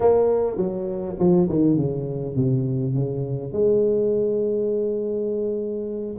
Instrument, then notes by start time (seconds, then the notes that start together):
tuba
0.00 A#3
0.56 F#3
1.19 F3
1.49 D#3
1.76 C#3
2.35 C3
2.94 C#3
3.52 G#3